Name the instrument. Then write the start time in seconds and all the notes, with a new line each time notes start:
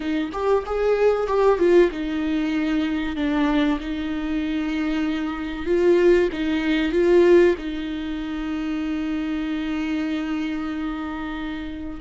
viola
0.00 D#4
0.32 G4
0.65 G#4
1.27 G4
1.58 F4
1.91 D#4
3.16 D4
3.80 D#4
5.66 F4
6.32 D#4
6.92 F4
7.58 D#4